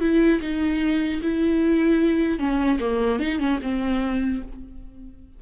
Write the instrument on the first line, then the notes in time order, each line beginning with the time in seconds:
viola
0.00 E4
0.41 D#4
1.22 E4
2.39 C#4
2.80 A#3
3.19 D#4
3.39 C#4
3.62 C4